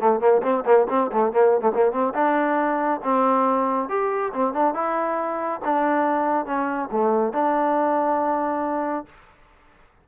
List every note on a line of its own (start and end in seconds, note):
0.00 0.20 A3
0.20 0.42 A#3
0.43 0.64 C4
0.66 0.87 A#3
0.89 1.11 C4
1.12 1.32 A3
1.32 1.61 A#3
1.61 1.72 A3
1.75 1.92 A#3
1.92 2.14 C4
2.14 3.01 D4
3.04 3.89 C4
3.89 4.32 G4
4.34 4.54 C4
4.54 4.74 D4
4.74 5.61 E4
5.65 6.46 D4
6.46 6.89 C#4
6.92 7.33 A3
7.33 9.06 D4